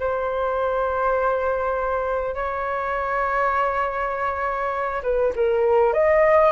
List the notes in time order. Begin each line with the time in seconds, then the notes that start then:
0.00 C5
2.35 C#5
5.03 B4
5.36 A#4
5.94 D#5